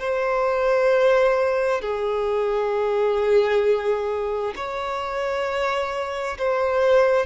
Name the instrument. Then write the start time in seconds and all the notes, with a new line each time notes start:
violin
0.00 C5
1.82 G#4
4.56 C#5
6.38 C5